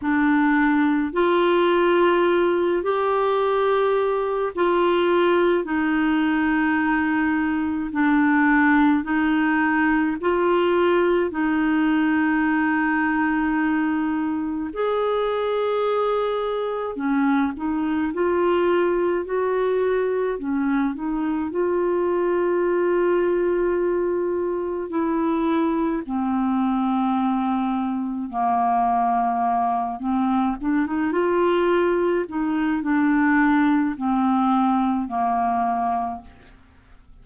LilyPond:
\new Staff \with { instrumentName = "clarinet" } { \time 4/4 \tempo 4 = 53 d'4 f'4. g'4. | f'4 dis'2 d'4 | dis'4 f'4 dis'2~ | dis'4 gis'2 cis'8 dis'8 |
f'4 fis'4 cis'8 dis'8 f'4~ | f'2 e'4 c'4~ | c'4 ais4. c'8 d'16 dis'16 f'8~ | f'8 dis'8 d'4 c'4 ais4 | }